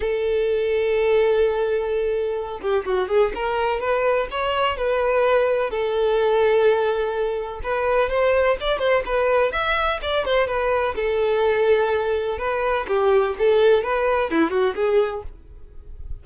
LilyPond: \new Staff \with { instrumentName = "violin" } { \time 4/4 \tempo 4 = 126 a'1~ | a'4. g'8 fis'8 gis'8 ais'4 | b'4 cis''4 b'2 | a'1 |
b'4 c''4 d''8 c''8 b'4 | e''4 d''8 c''8 b'4 a'4~ | a'2 b'4 g'4 | a'4 b'4 e'8 fis'8 gis'4 | }